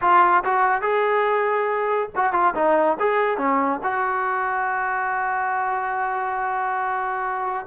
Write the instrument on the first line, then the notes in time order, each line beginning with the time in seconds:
trombone
0.01 F4
0.44 F#4
0.81 G#4
2.15 F#4
2.32 F4
2.55 D#4
2.99 G#4
3.37 C#4
3.83 F#4